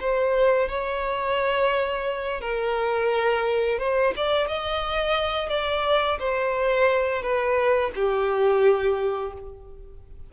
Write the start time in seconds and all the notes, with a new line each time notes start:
0.00 C5
0.69 C#5
2.40 A#4
3.79 C5
4.16 D5
4.47 D#5
5.49 D5
6.19 C5
7.22 B4
7.95 G4